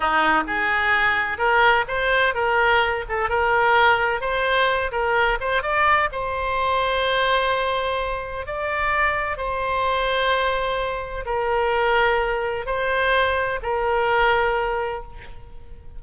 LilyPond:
\new Staff \with { instrumentName = "oboe" } { \time 4/4 \tempo 4 = 128 dis'4 gis'2 ais'4 | c''4 ais'4. a'8 ais'4~ | ais'4 c''4. ais'4 c''8 | d''4 c''2.~ |
c''2 d''2 | c''1 | ais'2. c''4~ | c''4 ais'2. | }